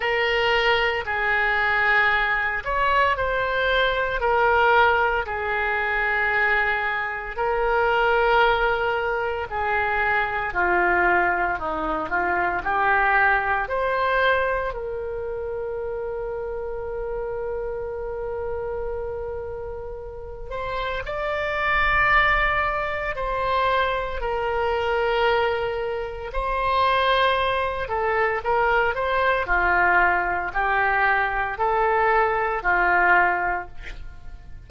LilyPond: \new Staff \with { instrumentName = "oboe" } { \time 4/4 \tempo 4 = 57 ais'4 gis'4. cis''8 c''4 | ais'4 gis'2 ais'4~ | ais'4 gis'4 f'4 dis'8 f'8 | g'4 c''4 ais'2~ |
ais'2.~ ais'8 c''8 | d''2 c''4 ais'4~ | ais'4 c''4. a'8 ais'8 c''8 | f'4 g'4 a'4 f'4 | }